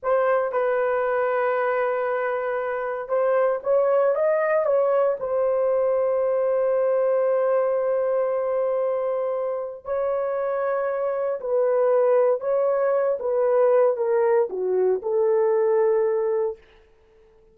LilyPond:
\new Staff \with { instrumentName = "horn" } { \time 4/4 \tempo 4 = 116 c''4 b'2.~ | b'2 c''4 cis''4 | dis''4 cis''4 c''2~ | c''1~ |
c''2. cis''4~ | cis''2 b'2 | cis''4. b'4. ais'4 | fis'4 a'2. | }